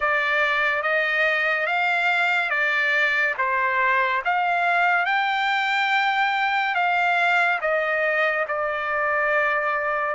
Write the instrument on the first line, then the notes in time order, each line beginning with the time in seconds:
trumpet
0.00 D5
0.82 D#5
1.66 F5
2.49 D5
3.38 C5
4.24 F5
5.05 G5
6.75 F5
7.61 D#5
8.48 D5